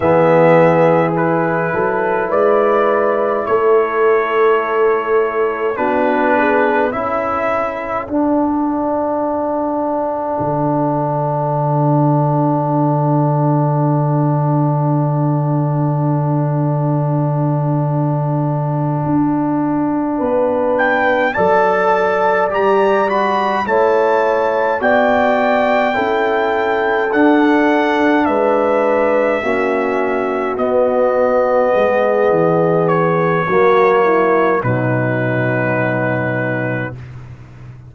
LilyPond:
<<
  \new Staff \with { instrumentName = "trumpet" } { \time 4/4 \tempo 4 = 52 e''4 b'4 d''4 cis''4~ | cis''4 b'4 e''4 fis''4~ | fis''1~ | fis''1~ |
fis''2 g''8 a''4 ais''8 | b''8 a''4 g''2 fis''8~ | fis''8 e''2 dis''4.~ | dis''8 cis''4. b'2 | }
  \new Staff \with { instrumentName = "horn" } { \time 4/4 gis'4. a'8 b'4 a'4~ | a'4 fis'8 gis'8 a'2~ | a'1~ | a'1~ |
a'4. b'4 d''4.~ | d''8 cis''4 d''4 a'4.~ | a'8 b'4 fis'2 gis'8~ | gis'4 fis'8 e'8 dis'2 | }
  \new Staff \with { instrumentName = "trombone" } { \time 4/4 b4 e'2.~ | e'4 d'4 e'4 d'4~ | d'1~ | d'1~ |
d'2~ d'8 a'4 g'8 | fis'8 e'4 fis'4 e'4 d'8~ | d'4. cis'4 b4.~ | b4 ais4 fis2 | }
  \new Staff \with { instrumentName = "tuba" } { \time 4/4 e4. fis8 gis4 a4~ | a4 b4 cis'4 d'4~ | d'4 d2.~ | d1~ |
d8 d'4 b4 fis4 g8~ | g8 a4 b4 cis'4 d'8~ | d'8 gis4 ais4 b4 gis8 | e4 fis4 b,2 | }
>>